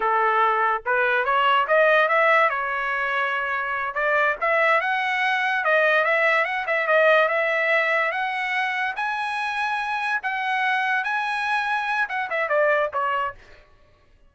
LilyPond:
\new Staff \with { instrumentName = "trumpet" } { \time 4/4 \tempo 4 = 144 a'2 b'4 cis''4 | dis''4 e''4 cis''2~ | cis''4. d''4 e''4 fis''8~ | fis''4. dis''4 e''4 fis''8 |
e''8 dis''4 e''2 fis''8~ | fis''4. gis''2~ gis''8~ | gis''8 fis''2 gis''4.~ | gis''4 fis''8 e''8 d''4 cis''4 | }